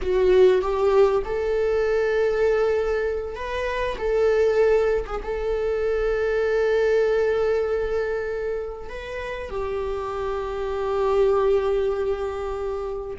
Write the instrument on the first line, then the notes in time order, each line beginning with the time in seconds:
viola
0.01 F#4
0.61 G4
1.24 A4
3.35 B4
3.98 A4
5.05 G#4
5.23 A4
8.89 B4
9.50 G4